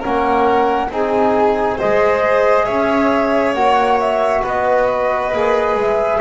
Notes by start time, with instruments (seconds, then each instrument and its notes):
0.00 double bass A#3, trombone C#4, violin A#4, flute F#5
0.91 double bass C4, trombone D#4, violin G#4, flute G#5
1.78 trombone G#4, violin C5, flute D#5
1.84 double bass G#3
2.65 double bass C#4, violin C#5, flute E5
3.54 double bass A#3, trombone F#4, flute F#5
4.00 flute E5
4.42 double bass B3, violin B4, flute D#5
5.33 double bass A#3, trombone G#4
5.75 double bass G#3, flute E5